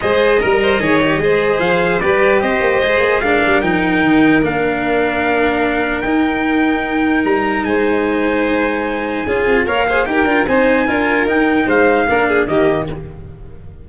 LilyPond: <<
  \new Staff \with { instrumentName = "trumpet" } { \time 4/4 \tempo 4 = 149 dis''1 | f''4 d''4 dis''2 | f''4 g''2 f''4~ | f''2. g''4~ |
g''2 ais''4 gis''4~ | gis''1 | f''4 g''4 gis''2 | g''4 f''2 dis''4 | }
  \new Staff \with { instrumentName = "violin" } { \time 4/4 c''4 ais'8 c''8 cis''4 c''4~ | c''4 b'4 c''2 | ais'1~ | ais'1~ |
ais'2. c''4~ | c''2. gis'4 | cis''8 c''8 ais'4 c''4 ais'4~ | ais'4 c''4 ais'8 gis'8 g'4 | }
  \new Staff \with { instrumentName = "cello" } { \time 4/4 gis'4 ais'4 gis'8 g'8 gis'4~ | gis'4 g'2 gis'4 | d'4 dis'2 d'4~ | d'2. dis'4~ |
dis'1~ | dis'2. f'4 | ais'8 gis'8 g'8 f'8 dis'4 f'4 | dis'2 d'4 ais4 | }
  \new Staff \with { instrumentName = "tuba" } { \time 4/4 gis4 g4 dis4 gis4 | f4 g4 c'8 ais8 gis8 ais8 | gis8 g8 f4 dis4 ais4~ | ais2. dis'4~ |
dis'2 g4 gis4~ | gis2. cis'8 c'8 | ais4 dis'8 d'8 c'4 d'4 | dis'4 gis4 ais4 dis4 | }
>>